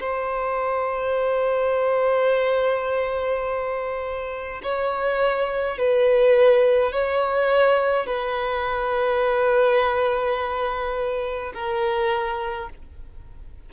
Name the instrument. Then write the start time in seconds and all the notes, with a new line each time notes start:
violin
0.00 C5
4.63 C#5
5.78 B4
6.92 C#5
8.07 B4
11.54 A#4